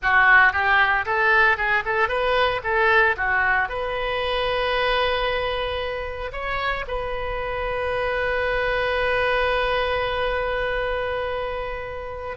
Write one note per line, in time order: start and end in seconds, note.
0.02 0.52 F#4
0.52 1.05 G4
1.05 1.57 A4
1.57 1.83 G#4
1.85 2.08 A4
2.08 2.61 B4
2.63 3.16 A4
3.17 3.68 F#4
3.68 6.31 B4
6.32 6.85 C#5
6.87 12.37 B4